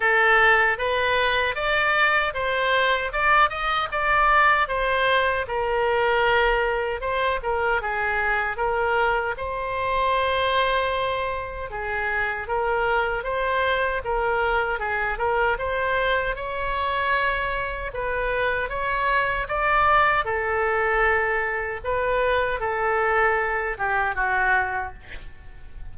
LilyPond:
\new Staff \with { instrumentName = "oboe" } { \time 4/4 \tempo 4 = 77 a'4 b'4 d''4 c''4 | d''8 dis''8 d''4 c''4 ais'4~ | ais'4 c''8 ais'8 gis'4 ais'4 | c''2. gis'4 |
ais'4 c''4 ais'4 gis'8 ais'8 | c''4 cis''2 b'4 | cis''4 d''4 a'2 | b'4 a'4. g'8 fis'4 | }